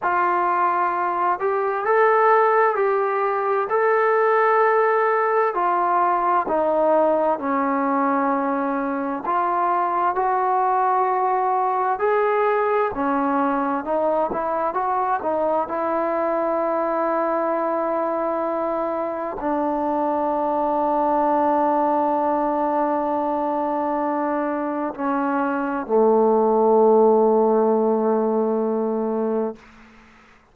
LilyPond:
\new Staff \with { instrumentName = "trombone" } { \time 4/4 \tempo 4 = 65 f'4. g'8 a'4 g'4 | a'2 f'4 dis'4 | cis'2 f'4 fis'4~ | fis'4 gis'4 cis'4 dis'8 e'8 |
fis'8 dis'8 e'2.~ | e'4 d'2.~ | d'2. cis'4 | a1 | }